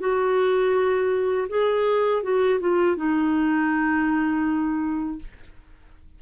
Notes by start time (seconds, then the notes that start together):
0.00 F#4
1.49 G#4
2.23 F#4
2.61 F4
2.97 D#4